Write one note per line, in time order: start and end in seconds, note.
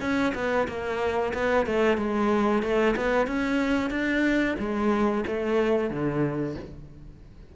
0.00 0.33 C#4
0.34 0.67 B3
0.68 1.33 A#3
1.33 1.66 B3
1.66 1.97 A3
1.97 2.62 G#3
2.62 2.95 A3
2.96 3.26 B3
3.26 3.90 C#4
3.90 4.55 D4
4.58 5.24 G#3
5.27 5.90 A3
5.90 6.55 D3